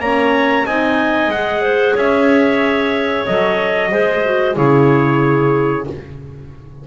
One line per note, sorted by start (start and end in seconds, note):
0.00 0.65 A#3
0.00 0.68 C#4
0.00 0.66 C#5
0.00 0.66 A#5
0.66 1.28 C4
0.66 1.32 D#4
0.66 1.62 D#5
0.66 1.31 G#5
1.28 1.93 G#3
1.28 3.27 G#4
1.28 1.97 F#5
1.62 1.95 C5
1.95 3.27 C#4
1.95 3.91 C#5
1.95 3.26 E5
3.26 3.92 F#3
3.26 3.91 A4
3.26 4.57 D#5
3.91 4.57 G#3
3.91 4.23 G#4
3.91 4.56 C5
4.25 4.55 F#4
4.55 5.87 C#3
4.55 5.85 E4
4.55 5.87 G#4
4.55 5.87 C#5